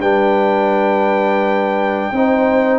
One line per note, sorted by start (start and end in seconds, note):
0.00 2.12 G3
0.00 2.14 D4
0.00 2.13 B4
0.00 2.80 G5
2.12 2.80 C4
2.12 2.80 D#4
2.12 2.80 C5